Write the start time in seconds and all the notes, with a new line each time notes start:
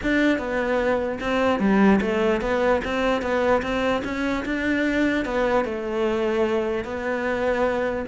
0.02 D4
0.38 B3
1.20 C4
1.59 G3
2.01 A3
2.41 B3
2.84 C4
3.21 B3
3.62 C4
4.04 C#4
4.45 D4
5.25 B3
5.64 A3
6.84 B3